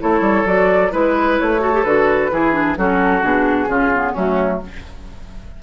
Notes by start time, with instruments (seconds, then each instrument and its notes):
0.00 bassoon A3, clarinet E4, oboe A4, flute C#5
0.21 bassoon G3
0.46 bassoon F#3, clarinet F#4, flute D5
0.92 bassoon G#3, clarinet E4, oboe B4, flute B4
1.39 bassoon A3, flute C#5
1.60 clarinet F#4, oboe A4
1.74 clarinet G4
1.84 bassoon D3, clarinet F#4, flute B4
2.32 bassoon E3, clarinet E4, oboe G#4
2.53 clarinet D4
2.77 bassoon F#3, clarinet C#4, oboe F#4, flute A4
3.22 bassoon B2, clarinet D4, flute G#4
3.67 bassoon C#3, clarinet C#4, oboe F4
3.94 clarinet B3
4.13 bassoon F#3, clarinet A3, oboe C#4, flute F#4